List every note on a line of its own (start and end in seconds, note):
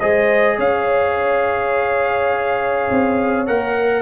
0.00 0.58 G#3
0.00 3.46 G#4
0.00 0.57 C5
0.00 0.58 D#5
0.57 2.89 C#4
0.57 4.02 C#5
0.57 3.47 F5
2.90 3.48 C4
3.46 4.02 A#3
3.46 4.02 A#4
3.46 4.02 F#5